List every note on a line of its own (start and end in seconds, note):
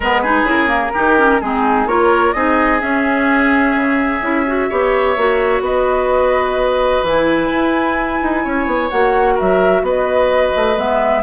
0.00 0.43 G#3
0.00 0.24 B3
0.00 0.21 A#4
0.00 0.49 B4
0.22 0.46 D#4
0.22 0.92 G#4
0.43 0.90 C#3
0.43 0.67 E4
0.49 1.41 A#4
0.67 0.91 A#3
0.93 1.41 D#3
0.93 1.17 D#4
0.93 1.40 G4
1.17 1.41 C#4
1.41 1.85 G#3
1.41 1.88 C4
1.41 1.88 D#4
1.41 1.87 G#4
1.85 2.32 A#3
1.85 2.34 F4
1.85 2.34 A#4
1.85 2.32 C#5
2.32 2.81 C4
2.32 2.80 D#4
2.32 4.69 G#4
2.32 2.79 D#5
2.80 4.20 C#4
2.80 3.75 C#4
2.80 5.62 E5
3.75 4.20 C#3
4.20 4.67 C#4
4.20 4.45 E4
4.46 4.70 F#4
4.69 5.16 B3
4.69 5.17 G4
4.69 5.62 C#5
5.16 5.60 A#3
5.16 7.05 F#4
5.60 7.00 B3
5.60 8.44 B4
5.60 7.05 D#5
7.02 7.49 E3
7.02 8.90 E4
7.02 8.90 G#5
7.50 8.21 E4
8.22 8.45 D#4
8.44 8.66 C#4
8.44 9.34 C#5
8.66 8.89 B3
8.90 9.39 A#3
8.90 10.76 F#4
8.90 9.37 F#5
9.34 9.81 A#4
9.34 9.85 E5
9.40 9.81 F#3
9.81 10.52 B3
9.81 11.23 B4
9.88 10.78 D#5
10.55 10.77 A3
10.76 11.23 G#3
10.76 11.23 B3
10.76 11.23 E5